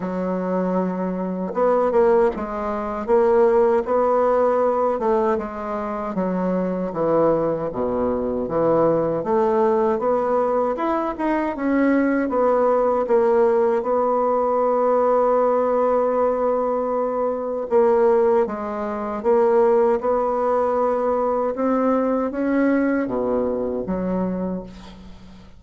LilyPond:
\new Staff \with { instrumentName = "bassoon" } { \time 4/4 \tempo 4 = 78 fis2 b8 ais8 gis4 | ais4 b4. a8 gis4 | fis4 e4 b,4 e4 | a4 b4 e'8 dis'8 cis'4 |
b4 ais4 b2~ | b2. ais4 | gis4 ais4 b2 | c'4 cis'4 b,4 fis4 | }